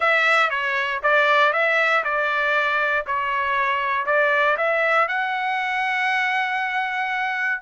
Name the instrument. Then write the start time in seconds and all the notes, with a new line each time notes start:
trumpet
0.00 E5
0.50 C#5
1.02 D5
1.52 E5
2.03 D5
3.06 C#5
4.05 D5
4.57 E5
5.08 F#5